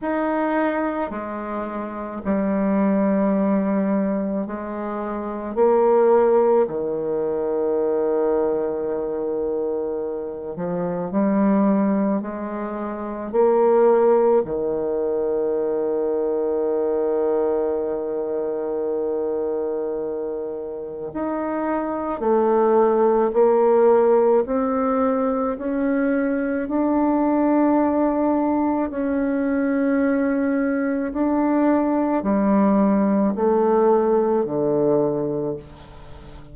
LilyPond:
\new Staff \with { instrumentName = "bassoon" } { \time 4/4 \tempo 4 = 54 dis'4 gis4 g2 | gis4 ais4 dis2~ | dis4. f8 g4 gis4 | ais4 dis2.~ |
dis2. dis'4 | a4 ais4 c'4 cis'4 | d'2 cis'2 | d'4 g4 a4 d4 | }